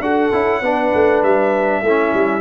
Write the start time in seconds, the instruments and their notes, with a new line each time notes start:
0.00 tuba D4, trombone F#4, horn A4, trumpet F#5
0.32 tuba C#4, trombone E4
0.61 tuba B3, trombone D4, horn B4
0.94 tuba A3
1.22 tuba G3, trumpet E5
1.82 tuba A3, horn E4
1.88 trombone C#4
2.13 tuba G3